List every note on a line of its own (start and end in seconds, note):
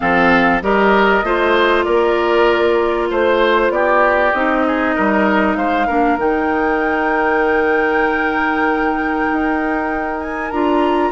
0.00 0.61 F3
0.00 0.61 C4
0.00 0.63 A4
0.00 0.62 F5
0.61 1.23 G3
0.61 1.24 G4
0.61 1.25 A#4
0.61 1.83 D#5
1.23 1.85 A3
1.23 4.33 F4
1.23 1.85 C5
1.83 3.10 A#3
1.83 3.08 A#4
1.83 3.07 D5
3.10 3.70 A3
3.10 3.72 C5
3.10 3.71 C5
3.70 4.31 B3
3.70 4.66 G4
3.70 4.32 D5
4.32 4.95 C4
4.32 5.88 D#4
4.32 5.56 D#5
4.66 4.95 G#4
4.95 5.56 G3
4.95 5.57 A#4
5.56 5.87 G#3
5.56 5.86 C5
5.56 6.17 F5
5.86 6.18 A#3
5.86 6.18 D4
5.86 11.11 A#4
6.18 9.27 D#3
6.18 10.51 D#4
6.18 10.20 G5
9.32 10.51 D#4
10.20 10.50 G#5
10.50 11.11 D4
10.50 11.11 F4
10.50 11.11 A#5